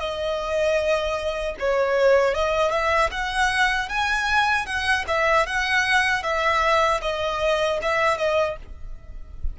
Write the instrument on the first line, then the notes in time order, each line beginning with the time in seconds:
violin
0.00 D#5
1.59 C#5
2.34 D#5
2.72 E5
3.12 F#5
3.89 G#5
4.66 F#5
5.08 E5
5.47 F#5
6.23 E5
7.02 D#5
7.82 E5
8.18 D#5